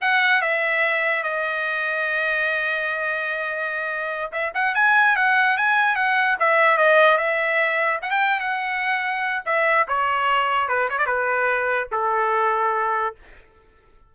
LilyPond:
\new Staff \with { instrumentName = "trumpet" } { \time 4/4 \tempo 4 = 146 fis''4 e''2 dis''4~ | dis''1~ | dis''2~ dis''8 e''8 fis''8 gis''8~ | gis''8 fis''4 gis''4 fis''4 e''8~ |
e''8 dis''4 e''2 fis''16 g''16~ | g''8 fis''2~ fis''8 e''4 | cis''2 b'8 cis''16 d''16 b'4~ | b'4 a'2. | }